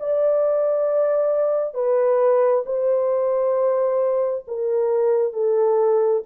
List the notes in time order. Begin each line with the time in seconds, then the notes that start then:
0.00 D5
1.74 B4
2.66 C5
4.48 A#4
5.33 A4